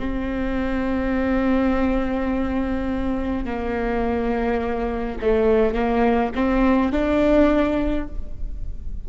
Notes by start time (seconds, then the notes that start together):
0.00 C4
3.45 A#3
5.22 A3
5.74 A#3
6.35 C4
6.92 D4